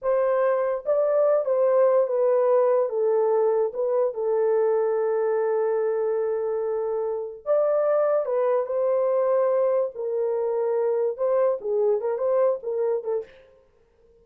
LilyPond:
\new Staff \with { instrumentName = "horn" } { \time 4/4 \tempo 4 = 145 c''2 d''4. c''8~ | c''4 b'2 a'4~ | a'4 b'4 a'2~ | a'1~ |
a'2 d''2 | b'4 c''2. | ais'2. c''4 | gis'4 ais'8 c''4 ais'4 a'8 | }